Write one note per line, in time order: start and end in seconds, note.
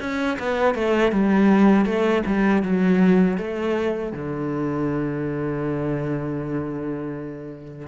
0.00 0.38 C#4
0.39 0.75 B3
0.75 1.12 A3
1.12 1.85 G3
1.85 2.23 A3
2.26 2.62 G3
2.62 3.38 F#3
3.38 4.12 A3
4.12 7.88 D3